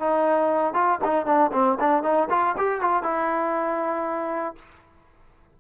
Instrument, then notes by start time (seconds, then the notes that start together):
trombone
0.00 D#4
0.74 F4
1.05 D#4
1.26 D4
1.53 C4
1.80 D4
2.03 D#4
2.30 F4
2.57 G4
2.81 F4
3.03 E4